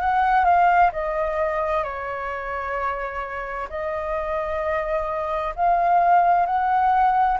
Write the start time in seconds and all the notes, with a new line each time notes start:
0.00 F#5
0.44 F5
0.92 D#5
1.83 C#5
3.69 D#5
5.55 F5
6.46 F#5